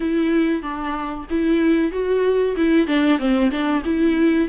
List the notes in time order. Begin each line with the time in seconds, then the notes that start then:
0.00 E4
0.62 D4
1.30 E4
1.91 F#4
2.56 E4
2.87 D4
3.18 C4
3.50 D4
3.84 E4